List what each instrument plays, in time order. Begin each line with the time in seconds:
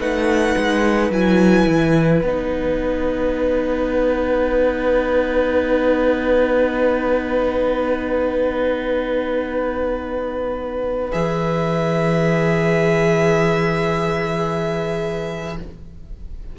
0.00 cello A3, viola D#4, violin B4 F#5
0.58 cello G#3
1.10 cello F#3, viola E4, violin G#5
1.66 cello E3
2.23 cello B3, viola D#4, violin F#5
11.12 cello E3, viola G#4, violin E5